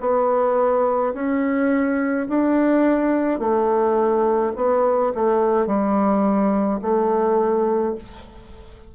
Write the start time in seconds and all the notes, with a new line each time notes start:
0.00 B3
1.14 C#4
2.29 D4
3.39 A3
4.56 B3
5.15 A3
5.67 G3
6.82 A3